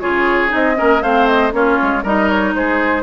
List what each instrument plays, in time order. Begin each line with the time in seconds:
0.00 bassoon C#3, clarinet F4, oboe G#4, flute C#5
0.49 bassoon C4, clarinet D#4, flute D#5
0.75 bassoon A#3, clarinet C#4, oboe A#4
1.02 bassoon A3, clarinet C4, oboe C5, flute F5
1.27 flute D#5
1.51 bassoon A#3, clarinet C#4, oboe F4, flute C#5
1.82 bassoon G#3
2.03 bassoon G3, clarinet D#4, oboe A#4, flute D#5
2.29 flute C#5
2.54 bassoon G#3, oboe G#4, flute C5